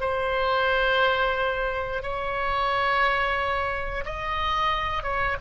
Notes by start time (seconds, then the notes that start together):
0.00 C5
2.02 C#5
4.05 D#5
5.03 C#5